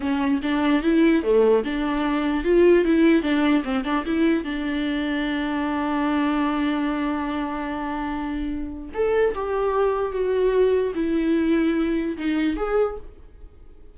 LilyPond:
\new Staff \with { instrumentName = "viola" } { \time 4/4 \tempo 4 = 148 cis'4 d'4 e'4 a4 | d'2 f'4 e'4 | d'4 c'8 d'8 e'4 d'4~ | d'1~ |
d'1~ | d'2 a'4 g'4~ | g'4 fis'2 e'4~ | e'2 dis'4 gis'4 | }